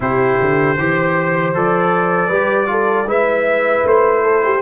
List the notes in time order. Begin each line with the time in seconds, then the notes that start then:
0.00 C3 E4 G4 C5
0.41 D3
0.78 E3 G4 C5
1.54 F3 A4 D5
2.28 G3 G4 B4
2.66 F4 A4
3.05 G#3 E4 B4 E5
3.84 A3 C5
4.22 A4
4.44 G4